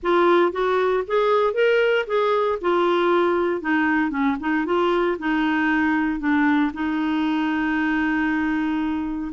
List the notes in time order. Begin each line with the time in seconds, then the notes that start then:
0.02 F4
0.52 F#4
1.07 G#4
1.53 A#4
2.07 G#4
2.61 F4
3.61 D#4
4.10 C#4
4.40 D#4
4.65 F4
5.18 D#4
6.19 D4
6.73 D#4